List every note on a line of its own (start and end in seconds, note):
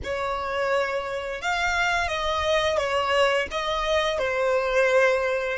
0.03 1.41 C#5
1.41 2.08 F5
2.08 2.77 D#5
2.77 3.47 C#5
3.51 4.18 D#5
4.18 5.58 C5